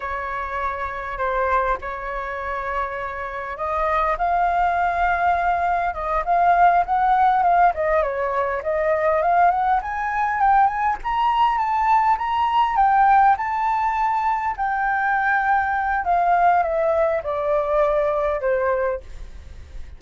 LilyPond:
\new Staff \with { instrumentName = "flute" } { \time 4/4 \tempo 4 = 101 cis''2 c''4 cis''4~ | cis''2 dis''4 f''4~ | f''2 dis''8 f''4 fis''8~ | fis''8 f''8 dis''8 cis''4 dis''4 f''8 |
fis''8 gis''4 g''8 gis''8 ais''4 a''8~ | a''8 ais''4 g''4 a''4.~ | a''8 g''2~ g''8 f''4 | e''4 d''2 c''4 | }